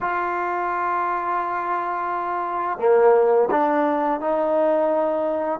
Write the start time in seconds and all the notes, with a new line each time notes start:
0.01 F4
2.78 A#3
3.50 D4
4.20 D#4